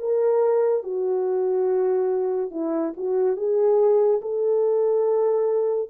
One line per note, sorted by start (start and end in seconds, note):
0.00 0.84 A#4
0.84 2.51 F#4
2.51 2.93 E4
2.97 3.37 F#4
3.37 4.21 G#4
4.22 5.90 A4